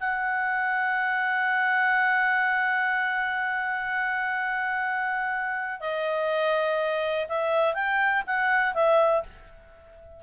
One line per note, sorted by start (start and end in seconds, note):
0.00 5.80 F#5
5.80 7.26 D#5
7.28 7.74 E5
7.74 8.23 G5
8.26 8.74 F#5
8.74 9.23 E5